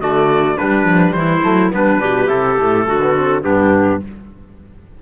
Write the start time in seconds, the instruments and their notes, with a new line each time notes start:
0.00 cello D3, trombone A3, clarinet F#4, trumpet D5
0.57 cello G3, trombone G3, clarinet D4, trumpet B4
0.83 cello F3
1.13 cello E3, clarinet E4, trumpet C5
1.42 cello F#3, trombone A3
1.70 cello G3, trombone B3, clarinet D4, trumpet B4
1.99 cello B2, trombone D4, clarinet G4
2.27 cello C3, trombone E4, trumpet A4
2.57 cello A2, trombone A3
2.87 cello D3, clarinet F#4
3.02 trombone B3
3.16 trombone C4
3.42 cello G2, trombone B3, clarinet D4, trumpet G4